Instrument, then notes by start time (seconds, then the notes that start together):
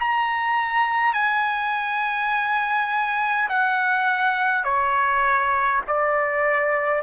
trumpet
0.00 A#5
1.13 G#5
3.49 F#5
4.64 C#5
5.88 D5